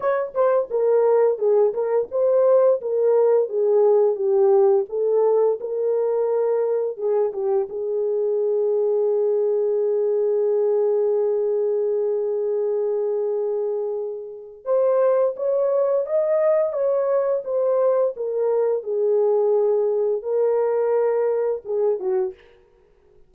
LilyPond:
\new Staff \with { instrumentName = "horn" } { \time 4/4 \tempo 4 = 86 cis''8 c''8 ais'4 gis'8 ais'8 c''4 | ais'4 gis'4 g'4 a'4 | ais'2 gis'8 g'8 gis'4~ | gis'1~ |
gis'1~ | gis'4 c''4 cis''4 dis''4 | cis''4 c''4 ais'4 gis'4~ | gis'4 ais'2 gis'8 fis'8 | }